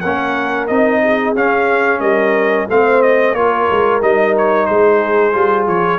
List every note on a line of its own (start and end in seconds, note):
0.00 0.69 A#3
0.00 0.68 C#4
0.00 1.01 A#4
0.00 0.67 F#5
0.67 1.34 C4
0.67 1.35 D#4
0.67 1.33 D#5
1.03 2.00 G#4
1.34 1.99 C#4
1.34 2.68 C#4
1.34 2.00 F5
1.99 2.66 G3
1.99 2.66 A#4
1.99 2.67 D#5
2.68 3.33 A3
2.68 3.35 C4
2.68 3.36 C5
2.68 3.02 F5
3.02 3.34 D#5
3.33 3.66 A#3
3.33 4.01 F4
3.33 4.67 A#4
3.33 4.01 C#5
3.71 4.01 G#3
4.01 4.68 G3
4.01 5.32 D#4
4.01 4.35 D#5
4.37 4.66 C#5
4.66 5.33 G#3
4.66 5.98 G#4
4.66 5.66 C5
5.32 5.67 G3
5.32 5.98 F4
5.67 5.98 F3
5.67 5.98 C#5